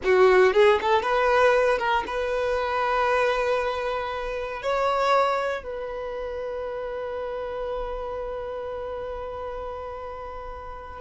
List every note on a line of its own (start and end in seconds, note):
0.04 0.53 F#4
0.53 0.79 G#4
0.81 1.02 A4
1.02 1.78 B4
1.78 2.04 A#4
2.06 4.62 B4
4.62 5.63 C#5
5.63 11.01 B4